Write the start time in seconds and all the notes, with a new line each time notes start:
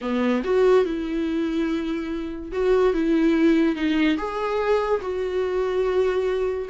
0.01 B3
0.43 F#4
0.84 E4
2.52 F#4
2.93 E4
3.75 D#4
4.17 G#4
5.01 F#4